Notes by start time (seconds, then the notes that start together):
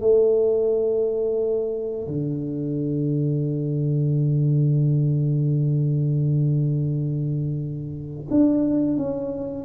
0.00 A3
2.07 D3
8.30 D4
8.97 C#4